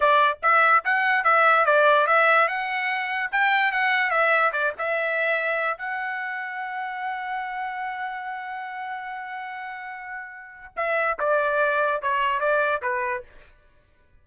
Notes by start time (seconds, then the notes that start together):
0.00 D5
0.42 E5
0.84 F#5
1.24 E5
1.65 D5
2.06 E5
2.47 F#5
3.31 G5
3.72 F#5
4.10 E5
4.52 D5
4.78 E5
5.77 F#5
10.76 E5
11.19 D5
12.02 C#5
12.40 D5
12.82 B4